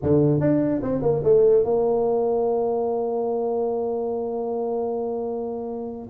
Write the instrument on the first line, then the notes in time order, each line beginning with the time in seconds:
tuba
0.02 D3
0.40 D4
0.82 C4
1.02 A#3
1.23 A3
1.64 A#3